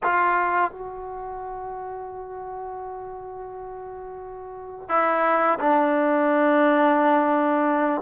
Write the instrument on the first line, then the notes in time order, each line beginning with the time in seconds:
trombone
0.03 F4
0.71 F#4
4.88 E4
5.59 D4